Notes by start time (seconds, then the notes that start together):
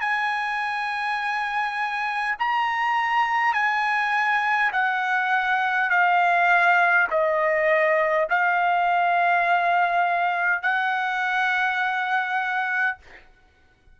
0.00 G#5
2.39 A#5
3.53 G#5
4.72 F#5
5.90 F5
7.10 D#5
8.29 F5
10.62 F#5